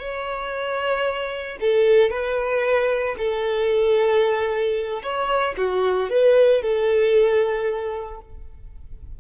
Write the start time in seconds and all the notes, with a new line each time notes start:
0.00 C#5
1.61 A4
2.11 B4
3.19 A4
5.03 C#5
5.58 F#4
6.10 B4
6.62 A4